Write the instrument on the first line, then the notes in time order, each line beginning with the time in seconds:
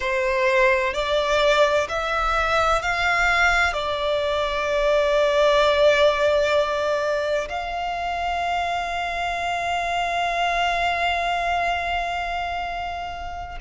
violin
0.00 C5
0.93 D5
1.88 E5
2.82 F5
3.73 D5
7.48 F5